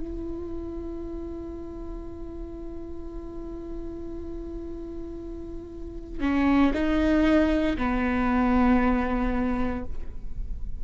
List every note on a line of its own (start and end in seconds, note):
0.00 6.20 E4
6.20 6.72 C#4
6.73 7.77 D#4
7.77 9.84 B3